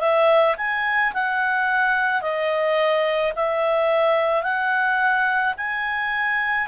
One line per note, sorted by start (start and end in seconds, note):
0.00 0.56 E5
0.58 1.13 G#5
1.14 2.22 F#5
2.22 3.33 D#5
3.36 4.43 E5
4.43 5.54 F#5
5.57 6.68 G#5